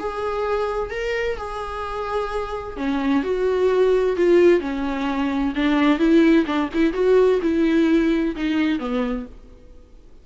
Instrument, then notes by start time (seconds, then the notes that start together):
viola
0.00 G#4
0.91 A#4
1.38 G#4
2.77 C#4
3.24 F#4
4.17 F4
4.61 C#4
5.56 D4
5.99 E4
6.47 D4
6.74 E4
6.94 F#4
7.43 E4
8.36 D#4
8.80 B3